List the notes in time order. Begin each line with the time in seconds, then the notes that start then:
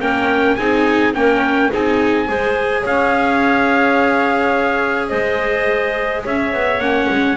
0.00 A#3 C#4 A#4 G5
0.56 C4 D#4 G#4 G#5
1.14 A#3 C#4 A#4 G5
1.70 C4 D#4 G#4 G#5
2.28 G#3 G#4 C5
2.83 C#4 C#5 F5
5.09 G#3 C5 D#5
6.25 C#4 C#5 E5
6.53 B3
6.80 A#3 C#4 F#5
7.10 G#3